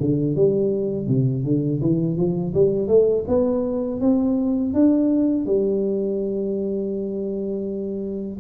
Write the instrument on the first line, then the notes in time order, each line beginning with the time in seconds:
tuba
0.00 D3
0.35 G3
1.07 C3
1.44 D3
1.81 E3
2.17 F3
2.54 G3
2.88 A3
3.28 B3
4.00 C4
4.74 D4
5.46 G3